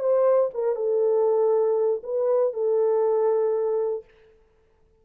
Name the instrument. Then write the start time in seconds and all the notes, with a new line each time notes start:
horn
0.00 C5
0.55 A#4
0.76 A4
2.04 B4
2.54 A4